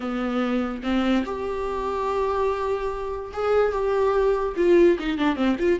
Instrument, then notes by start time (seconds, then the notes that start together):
viola
0.00 B3
0.83 C4
1.25 G4
3.33 G#4
3.72 G4
4.56 F4
4.99 D#4
5.18 D4
5.35 C4
5.59 F4